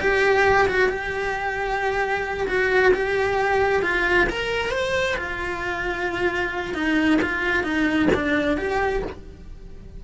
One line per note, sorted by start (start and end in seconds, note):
0.00 0.68 G4
0.68 0.89 F#4
0.89 2.47 G4
2.48 2.93 F#4
2.93 3.82 G4
3.82 4.27 F4
4.29 4.71 A#4
4.71 5.16 C5
5.16 6.74 F4
6.74 7.19 D#4
7.22 7.63 F4
7.63 8.09 D#4
8.14 8.57 D4
8.57 9.02 G4